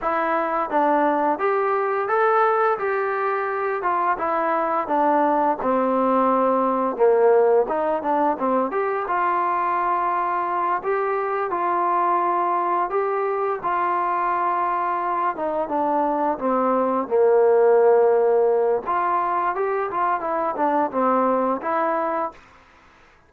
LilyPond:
\new Staff \with { instrumentName = "trombone" } { \time 4/4 \tempo 4 = 86 e'4 d'4 g'4 a'4 | g'4. f'8 e'4 d'4 | c'2 ais4 dis'8 d'8 | c'8 g'8 f'2~ f'8 g'8~ |
g'8 f'2 g'4 f'8~ | f'2 dis'8 d'4 c'8~ | c'8 ais2~ ais8 f'4 | g'8 f'8 e'8 d'8 c'4 e'4 | }